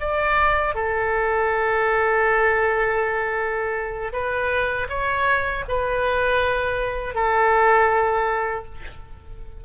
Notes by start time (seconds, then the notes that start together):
0.00 D5
0.75 A4
4.13 B4
4.90 C#5
5.69 B4
7.15 A4